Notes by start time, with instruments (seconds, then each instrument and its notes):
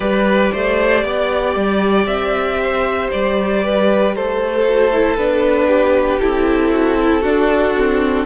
0.00 cello G3, viola G4, violin B4 D5
0.52 cello A3, violin C5
1.04 cello B3, violin D5
1.55 cello G3
2.06 cello C4, violin E5
2.61 violin C5
3.11 cello G3, violin D5
3.64 violin B4
4.15 cello A3, violin A4 C5
4.64 viola F#4
4.92 viola E4
5.16 cello B3, viola D4, violin B4
5.67 violin G4
6.20 cello C4, viola E4, violin A4
6.71 violin F#4
7.00 violin E4
7.21 viola D4, cello D4, violin F#4
7.76 viola C4